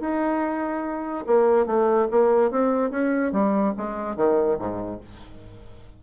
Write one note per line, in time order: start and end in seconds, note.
0.00 1.25 D#4
1.27 1.66 A#3
1.66 2.08 A3
2.11 2.51 A#3
2.51 2.90 C4
2.90 3.32 C#4
3.32 3.74 G3
3.77 4.16 G#3
4.16 4.58 D#3
4.59 5.01 G#2